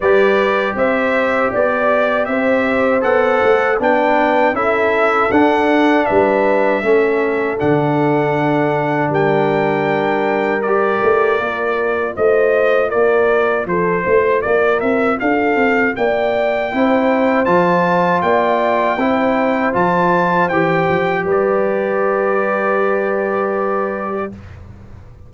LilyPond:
<<
  \new Staff \with { instrumentName = "trumpet" } { \time 4/4 \tempo 4 = 79 d''4 e''4 d''4 e''4 | fis''4 g''4 e''4 fis''4 | e''2 fis''2 | g''2 d''2 |
dis''4 d''4 c''4 d''8 e''8 | f''4 g''2 a''4 | g''2 a''4 g''4 | d''1 | }
  \new Staff \with { instrumentName = "horn" } { \time 4/4 b'4 c''4 d''4 c''4~ | c''4 b'4 a'2 | b'4 a'2. | ais'1 |
c''4 ais'4 a'8 c''8 ais'4 | a'4 d''4 c''2 | d''4 c''2. | b'1 | }
  \new Staff \with { instrumentName = "trombone" } { \time 4/4 g'1 | a'4 d'4 e'4 d'4~ | d'4 cis'4 d'2~ | d'2 g'4 f'4~ |
f'1~ | f'2 e'4 f'4~ | f'4 e'4 f'4 g'4~ | g'1 | }
  \new Staff \with { instrumentName = "tuba" } { \time 4/4 g4 c'4 b4 c'4 | b8 a8 b4 cis'4 d'4 | g4 a4 d2 | g2~ g8 a8 ais4 |
a4 ais4 f8 a8 ais8 c'8 | d'8 c'8 ais4 c'4 f4 | ais4 c'4 f4 e8 f8 | g1 | }
>>